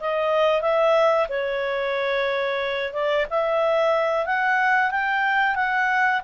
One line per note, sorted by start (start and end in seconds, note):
0.00 0.62 D#5
0.62 1.28 E5
1.29 2.93 C#5
2.93 3.26 D5
3.30 4.26 E5
4.26 4.91 F#5
4.91 5.55 G5
5.55 6.21 F#5